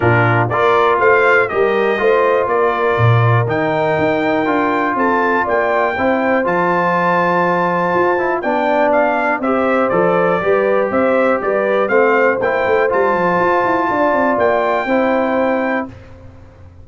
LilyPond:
<<
  \new Staff \with { instrumentName = "trumpet" } { \time 4/4 \tempo 4 = 121 ais'4 d''4 f''4 dis''4~ | dis''4 d''2 g''4~ | g''2 a''4 g''4~ | g''4 a''2.~ |
a''4 g''4 f''4 e''4 | d''2 e''4 d''4 | f''4 g''4 a''2~ | a''4 g''2. | }
  \new Staff \with { instrumentName = "horn" } { \time 4/4 f'4 ais'4 c''4 ais'4 | c''4 ais'2.~ | ais'2 a'4 d''4 | c''1~ |
c''4 d''2 c''4~ | c''4 b'4 c''4 b'4 | c''1 | d''2 c''2 | }
  \new Staff \with { instrumentName = "trombone" } { \time 4/4 d'4 f'2 g'4 | f'2. dis'4~ | dis'4 f'2. | e'4 f'2.~ |
f'8 e'8 d'2 g'4 | a'4 g'2. | c'4 e'4 f'2~ | f'2 e'2 | }
  \new Staff \with { instrumentName = "tuba" } { \time 4/4 ais,4 ais4 a4 g4 | a4 ais4 ais,4 dis4 | dis'4 d'4 c'4 ais4 | c'4 f2. |
f'4 b2 c'4 | f4 g4 c'4 g4 | a4 ais8 a8 g8 f8 f'8 e'8 | d'8 c'8 ais4 c'2 | }
>>